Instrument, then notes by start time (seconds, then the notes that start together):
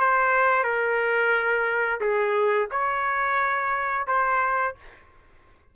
trumpet
0.00 C5
0.64 A#4
2.01 G#4
2.71 C#5
4.08 C5